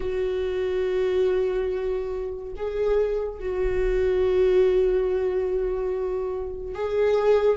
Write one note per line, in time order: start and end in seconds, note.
0.00 2.53 F#4
2.56 3.39 G#4
3.39 6.75 F#4
6.75 7.57 G#4